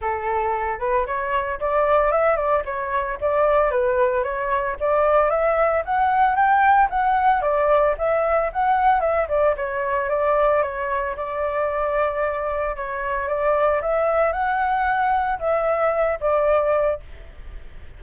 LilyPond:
\new Staff \with { instrumentName = "flute" } { \time 4/4 \tempo 4 = 113 a'4. b'8 cis''4 d''4 | e''8 d''8 cis''4 d''4 b'4 | cis''4 d''4 e''4 fis''4 | g''4 fis''4 d''4 e''4 |
fis''4 e''8 d''8 cis''4 d''4 | cis''4 d''2. | cis''4 d''4 e''4 fis''4~ | fis''4 e''4. d''4. | }